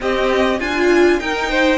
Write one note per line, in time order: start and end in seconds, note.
0.00 0.59 C4
0.00 0.59 G4
0.00 0.60 D#5
0.59 1.19 D4
0.59 1.19 F4
0.59 1.20 F4
0.59 1.19 G#5
1.19 1.77 D#4
1.19 1.49 A#4
1.19 1.77 G5
1.49 1.77 C5